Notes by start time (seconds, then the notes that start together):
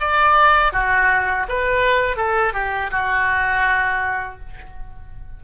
0.00 D5
0.72 F#4
1.48 B4
2.16 A4
2.53 G4
2.91 F#4